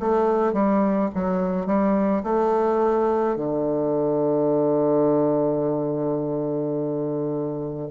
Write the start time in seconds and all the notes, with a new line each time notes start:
0.00 A3
0.53 G3
1.15 F#3
1.66 G3
2.23 A3
3.36 D3